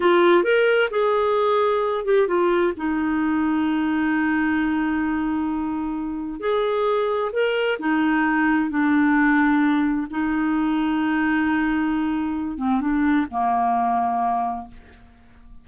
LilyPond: \new Staff \with { instrumentName = "clarinet" } { \time 4/4 \tempo 4 = 131 f'4 ais'4 gis'2~ | gis'8 g'8 f'4 dis'2~ | dis'1~ | dis'2 gis'2 |
ais'4 dis'2 d'4~ | d'2 dis'2~ | dis'2.~ dis'8 c'8 | d'4 ais2. | }